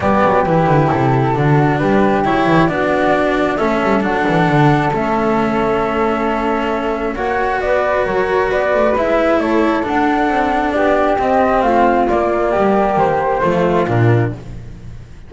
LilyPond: <<
  \new Staff \with { instrumentName = "flute" } { \time 4/4 \tempo 4 = 134 d''4 b'4 a'2 | b'4 cis''4 d''2 | e''4 fis''2 e''4~ | e''1 |
fis''4 d''4 cis''4 d''4 | e''4 cis''4 fis''2 | d''4 dis''4 f''4 d''4~ | d''4 c''2 ais'4 | }
  \new Staff \with { instrumentName = "flute" } { \time 4/4 g'2. fis'4 | g'2 fis'2 | a'1~ | a'1 |
cis''4 b'4 ais'4 b'4~ | b'4 a'2. | g'2 f'2 | g'2 f'2 | }
  \new Staff \with { instrumentName = "cello" } { \time 4/4 b4 e'2 d'4~ | d'4 e'4 d'2 | cis'4 d'2 cis'4~ | cis'1 |
fis'1 | e'2 d'2~ | d'4 c'2 ais4~ | ais2 a4 d'4 | }
  \new Staff \with { instrumentName = "double bass" } { \time 4/4 g8 fis8 e8 d8 c4 d4 | g4 fis8 e8 b2 | a8 g8 fis8 e8 d4 a4~ | a1 |
ais4 b4 fis4 b8 a8 | gis4 a4 d'4 c'4 | b4 c'4 a4 ais4 | g4 dis4 f4 ais,4 | }
>>